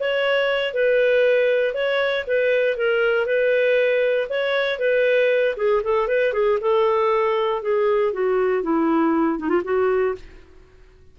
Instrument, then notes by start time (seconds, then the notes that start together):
clarinet
0.00 C#5
0.74 B4
1.74 C#5
2.27 B4
2.77 A#4
3.26 B4
4.30 C#5
4.79 B4
5.57 G#4
5.84 A4
6.08 B4
6.33 G#4
6.61 A4
7.62 G#4
8.13 F#4
8.63 E4
9.39 D#4
9.49 F4
9.64 F#4